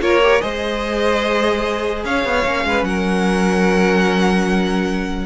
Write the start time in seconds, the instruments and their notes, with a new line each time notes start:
0.00 cello A#3, viola F4, violin A#4 C#5
0.23 viola G4
0.41 cello G#3, viola G#4, violin C5 D#5
2.05 cello C#4, violin C#5 F5
2.25 cello B3
2.46 cello A#3, viola C#4
2.65 cello G#3, violin B4
2.83 cello F#3, violin A#4 F#5